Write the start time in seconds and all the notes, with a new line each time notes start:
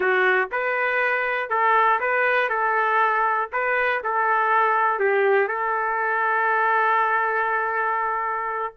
0.00 F#4
0.51 B4
1.49 A4
2.00 B4
2.49 A4
3.52 B4
4.03 A4
4.99 G4
5.48 A4